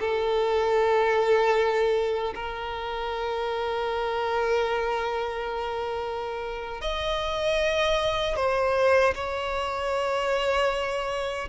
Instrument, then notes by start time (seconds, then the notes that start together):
violin
0.00 A4
2.35 A#4
6.81 D#5
8.36 C5
9.15 C#5